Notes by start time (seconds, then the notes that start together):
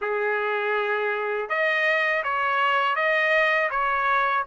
0.01 G#4
1.49 D#5
2.23 C#5
2.95 D#5
3.70 C#5